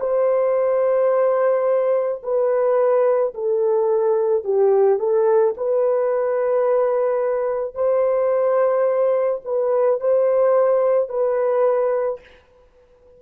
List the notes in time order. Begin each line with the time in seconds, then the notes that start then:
0.00 C5
2.23 B4
3.35 A4
4.44 G4
4.99 A4
5.57 B4
7.75 C5
9.45 B4
10.01 C5
11.09 B4